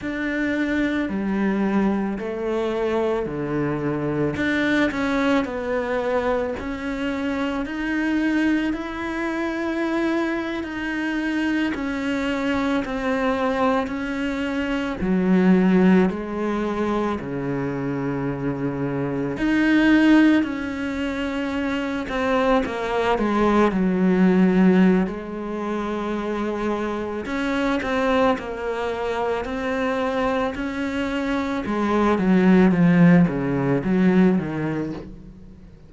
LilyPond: \new Staff \with { instrumentName = "cello" } { \time 4/4 \tempo 4 = 55 d'4 g4 a4 d4 | d'8 cis'8 b4 cis'4 dis'4 | e'4.~ e'16 dis'4 cis'4 c'16~ | c'8. cis'4 fis4 gis4 cis16~ |
cis4.~ cis16 dis'4 cis'4~ cis'16~ | cis'16 c'8 ais8 gis8 fis4~ fis16 gis4~ | gis4 cis'8 c'8 ais4 c'4 | cis'4 gis8 fis8 f8 cis8 fis8 dis8 | }